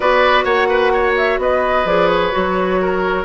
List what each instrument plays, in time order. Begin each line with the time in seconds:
0.00 bassoon B3, clarinet F#4, oboe B4, flute D5
0.43 bassoon A#3, oboe C#5, flute F#5
0.69 oboe B4
0.93 oboe C#5
1.17 flute E5
1.38 bassoon B3, oboe B4, flute D#5
1.85 bassoon F3, clarinet G#4, flute D5
2.07 flute C#5
2.31 bassoon F#3, clarinet F#4
2.81 oboe A#4